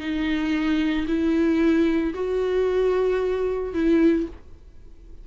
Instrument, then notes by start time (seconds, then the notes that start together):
viola
0.00 D#4
1.07 E4
2.14 F#4
3.74 E4